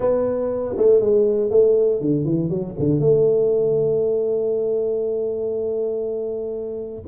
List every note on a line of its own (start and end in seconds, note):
0.00 0.75 B3
0.77 1.00 A3
1.00 1.50 G#3
1.50 2.00 A3
2.00 2.25 D3
2.25 2.49 E3
2.49 2.75 F#3
2.79 2.99 D3
2.99 7.03 A3